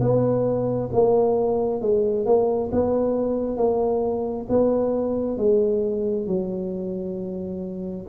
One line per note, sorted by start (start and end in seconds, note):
0.00 0.90 B3
0.92 1.81 A#3
1.81 2.25 G#3
2.25 2.70 A#3
2.72 3.57 B3
3.57 4.46 A#3
4.49 5.37 B3
5.37 6.26 G#3
6.27 8.06 F#3